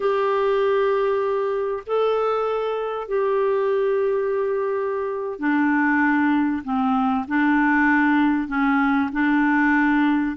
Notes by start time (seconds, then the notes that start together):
0.00 G4
1.86 A4
3.08 G4
5.39 D4
6.64 C4
7.28 D4
8.47 C#4
9.12 D4